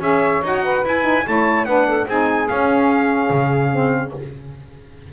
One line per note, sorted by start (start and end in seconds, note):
0.00 0.41 C#4
0.00 0.42 G#4
0.00 0.62 C#5
0.00 0.43 E5
0.43 0.84 D#4
0.43 0.83 F#4
0.43 0.87 F#5
0.62 1.24 B4
0.83 1.01 E4
0.83 1.26 E4
0.83 1.27 G#5
1.01 1.22 D#4
1.25 1.65 A3
1.25 1.66 E4
1.25 1.66 C#5
1.25 1.65 A5
1.65 2.06 B3
1.65 2.08 D4
1.65 1.87 B4
1.65 2.06 F#5
1.87 2.06 A4
2.06 2.48 C4
2.06 2.47 D#4
2.06 4.11 G#4
2.06 2.48 G#5
2.47 3.70 C#4
2.47 3.30 C#4
2.47 4.12 F5
3.30 4.12 C#3
3.71 4.12 C4